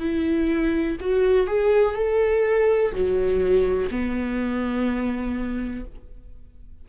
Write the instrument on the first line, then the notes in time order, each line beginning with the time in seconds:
viola
0.00 E4
1.00 F#4
1.47 G#4
1.95 A4
2.92 F#3
3.91 B3